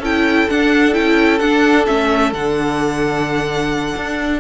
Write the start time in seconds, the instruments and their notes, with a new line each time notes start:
0.00 cello C#4, viola E4, violin A4 G5
0.49 viola D4, cello D4, violin F#5
0.93 cello C#4, viola E4, violin G5
1.39 cello D4, viola D4, violin F#5
1.87 cello A3, viola C#4, violin E5
2.33 cello D3, viola D4, violin F#5
3.96 cello D4